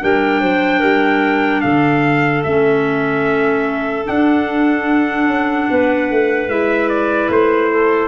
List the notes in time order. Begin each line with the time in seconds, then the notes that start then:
0.00 G3 D4 A#4 G5
0.40 F#3 C5
0.79 G3 A#4
1.61 D3 A4 F5
2.43 A3 C#4 E5
4.04 D4 F#5
5.26 C#4
5.70 B3 B4
6.10 A3
6.47 G#3 E4 E5
6.89 D5
7.29 A3 C5
7.71 A4